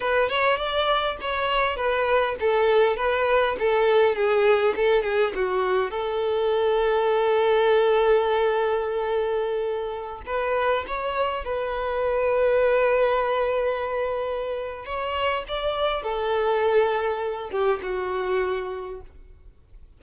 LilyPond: \new Staff \with { instrumentName = "violin" } { \time 4/4 \tempo 4 = 101 b'8 cis''8 d''4 cis''4 b'4 | a'4 b'4 a'4 gis'4 | a'8 gis'8 fis'4 a'2~ | a'1~ |
a'4~ a'16 b'4 cis''4 b'8.~ | b'1~ | b'4 cis''4 d''4 a'4~ | a'4. g'8 fis'2 | }